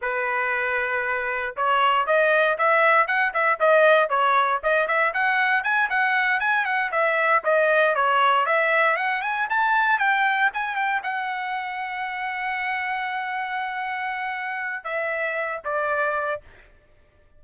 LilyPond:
\new Staff \with { instrumentName = "trumpet" } { \time 4/4 \tempo 4 = 117 b'2. cis''4 | dis''4 e''4 fis''8 e''8 dis''4 | cis''4 dis''8 e''8 fis''4 gis''8 fis''8~ | fis''8 gis''8 fis''8 e''4 dis''4 cis''8~ |
cis''8 e''4 fis''8 gis''8 a''4 g''8~ | g''8 gis''8 g''8 fis''2~ fis''8~ | fis''1~ | fis''4 e''4. d''4. | }